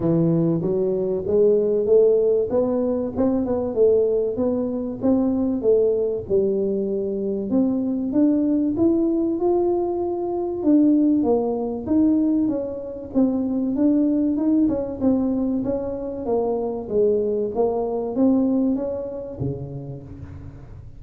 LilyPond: \new Staff \with { instrumentName = "tuba" } { \time 4/4 \tempo 4 = 96 e4 fis4 gis4 a4 | b4 c'8 b8 a4 b4 | c'4 a4 g2 | c'4 d'4 e'4 f'4~ |
f'4 d'4 ais4 dis'4 | cis'4 c'4 d'4 dis'8 cis'8 | c'4 cis'4 ais4 gis4 | ais4 c'4 cis'4 cis4 | }